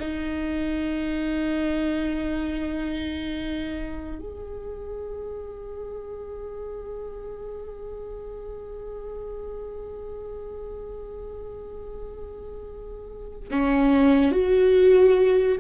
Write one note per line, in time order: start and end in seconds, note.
0.00 4.19 D#4
4.19 13.49 G#4
13.51 14.32 C#4
14.32 15.58 F#4